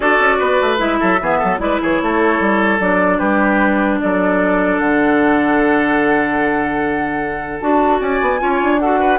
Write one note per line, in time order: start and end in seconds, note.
0.00 0.19 D4
0.00 0.78 F#4
0.00 0.38 A4
0.00 0.77 D5
0.19 0.39 C#4
0.38 0.60 B3
0.38 0.98 B4
0.61 0.79 A3
0.78 0.99 G#3
0.78 1.18 E4
0.78 1.58 E5
1.00 1.20 F#3
1.00 1.20 A4
1.20 1.40 E3
1.20 1.58 B3
1.20 1.38 G#4
1.38 1.59 F#3
1.38 1.58 A4
1.58 1.79 G#3
1.58 2.78 E4
1.58 1.81 B4
1.58 1.79 D5
1.81 2.01 E3
1.81 2.01 G#4
1.81 2.80 C#5
2.01 2.40 A3
2.01 3.18 A4
2.40 2.79 G3
2.79 3.19 F#3
2.79 7.60 D4
2.79 3.19 D5
3.18 4.00 G3
3.18 3.98 G4
3.18 3.99 B4
4.00 4.79 F#3
4.00 8.00 A4
4.00 4.79 D5
4.79 7.59 D3
4.79 7.59 F#5
7.60 8.00 D4
7.60 8.38 F#4
7.60 8.00 A5
8.00 8.20 C#4
8.00 8.40 D5
8.00 8.79 G#5
8.21 8.41 B3
8.38 8.61 C#4
8.38 8.79 F4
8.38 8.81 C#5
8.62 9.18 D4
8.79 9.18 F#4
8.79 8.99 A4
8.79 9.18 F#5
8.99 9.18 B4